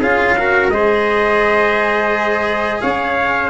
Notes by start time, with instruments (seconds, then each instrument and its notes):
0.00 tuba C#4, cello F4, trumpet G#4 F5
0.38 cello F#4, trumpet A#4
0.68 tuba G#3, cello G#4, trumpet C5 D#5
2.81 tuba C#4, trumpet C#5 F5